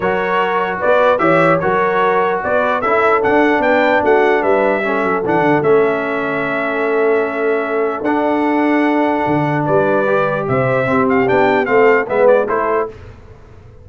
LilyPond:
<<
  \new Staff \with { instrumentName = "trumpet" } { \time 4/4 \tempo 4 = 149 cis''2 d''4 e''4 | cis''2 d''4 e''4 | fis''4 g''4 fis''4 e''4~ | e''4 fis''4 e''2~ |
e''1 | fis''1 | d''2 e''4. f''8 | g''4 f''4 e''8 d''8 c''4 | }
  \new Staff \with { instrumentName = "horn" } { \time 4/4 ais'2 b'4 cis''4 | ais'2 b'4 a'4~ | a'4 b'4 fis'4 b'4 | a'1~ |
a'1~ | a'1 | b'2 c''4 g'4~ | g'4 a'4 b'4 a'4 | }
  \new Staff \with { instrumentName = "trombone" } { \time 4/4 fis'2. g'4 | fis'2. e'4 | d'1 | cis'4 d'4 cis'2~ |
cis'1 | d'1~ | d'4 g'2 c'4 | d'4 c'4 b4 e'4 | }
  \new Staff \with { instrumentName = "tuba" } { \time 4/4 fis2 b4 e4 | fis2 b4 cis'4 | d'4 b4 a4 g4~ | g8 fis8 e8 d8 a2~ |
a1 | d'2. d4 | g2 c4 c'4 | b4 a4 gis4 a4 | }
>>